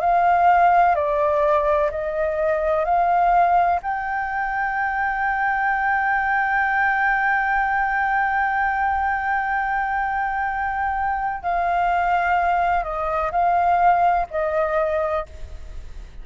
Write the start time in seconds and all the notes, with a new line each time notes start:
0.00 F5
0.95 D5
1.90 D#5
2.85 F5
3.82 G5
11.43 F5
12.83 D#5
13.32 F5
14.30 D#5